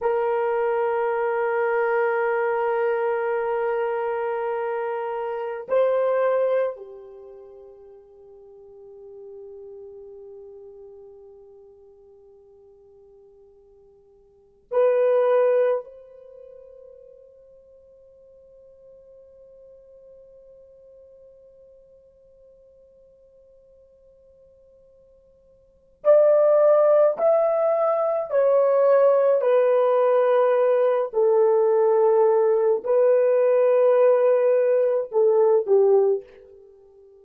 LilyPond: \new Staff \with { instrumentName = "horn" } { \time 4/4 \tempo 4 = 53 ais'1~ | ais'4 c''4 g'2~ | g'1~ | g'4 b'4 c''2~ |
c''1~ | c''2. d''4 | e''4 cis''4 b'4. a'8~ | a'4 b'2 a'8 g'8 | }